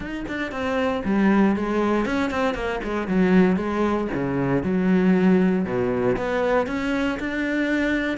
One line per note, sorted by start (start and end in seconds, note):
0.00 0.25 D#4
0.28 0.51 D4
0.51 1.02 C4
1.04 1.55 G3
1.56 2.05 G#3
2.05 2.30 C#4
2.30 2.54 C4
2.54 2.79 A#3
2.83 3.07 G#3
3.07 3.56 F#3
3.56 4.07 G#3
4.14 4.63 C#3
4.63 5.65 F#3
5.65 6.16 B2
6.16 6.67 B3
6.67 7.18 C#4
7.19 8.17 D4